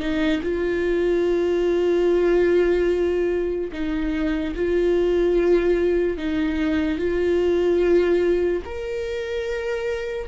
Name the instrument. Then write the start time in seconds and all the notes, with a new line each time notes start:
viola
0.00 D#4
0.43 F4
3.72 D#4
4.55 F4
6.18 D#4
6.98 F4
8.65 A#4